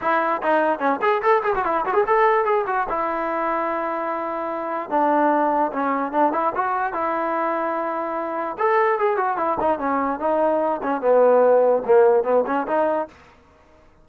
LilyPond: \new Staff \with { instrumentName = "trombone" } { \time 4/4 \tempo 4 = 147 e'4 dis'4 cis'8 gis'8 a'8 gis'16 fis'16 | e'8 fis'16 gis'16 a'4 gis'8 fis'8 e'4~ | e'1 | d'2 cis'4 d'8 e'8 |
fis'4 e'2.~ | e'4 a'4 gis'8 fis'8 e'8 dis'8 | cis'4 dis'4. cis'8 b4~ | b4 ais4 b8 cis'8 dis'4 | }